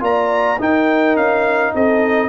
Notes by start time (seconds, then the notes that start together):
0.00 A#3 F4 D5 A#5
0.59 D#4 A#4 G5
1.16 C#4 F5
1.74 C4 A4 D#5